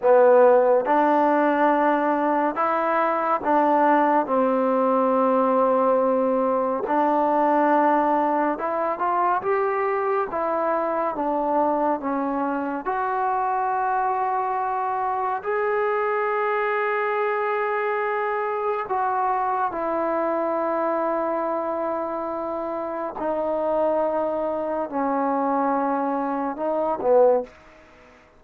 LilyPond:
\new Staff \with { instrumentName = "trombone" } { \time 4/4 \tempo 4 = 70 b4 d'2 e'4 | d'4 c'2. | d'2 e'8 f'8 g'4 | e'4 d'4 cis'4 fis'4~ |
fis'2 gis'2~ | gis'2 fis'4 e'4~ | e'2. dis'4~ | dis'4 cis'2 dis'8 b8 | }